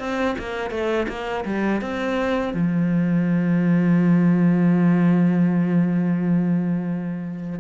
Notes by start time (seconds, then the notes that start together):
0.00 C4
0.39 A#3
0.71 A3
1.09 A#3
1.46 G3
1.82 C4
2.54 F3